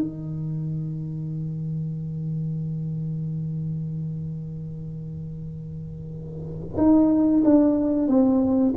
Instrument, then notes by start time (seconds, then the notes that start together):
tuba
0.00 D#3
6.77 D#4
7.44 D4
8.08 C4